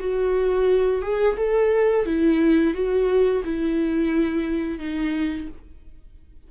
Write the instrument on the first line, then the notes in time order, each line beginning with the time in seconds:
viola
0.00 F#4
1.03 G#4
1.37 A4
2.06 E4
2.74 F#4
3.45 E4
4.79 D#4